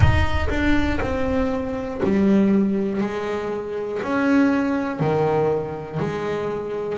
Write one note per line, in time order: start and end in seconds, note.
0.00 0.48 D#4
0.50 1.00 D4
1.00 2.00 C4
2.03 3.00 G3
3.00 4.00 G#3
4.02 5.00 C#4
5.00 6.00 D#3
6.00 6.98 G#3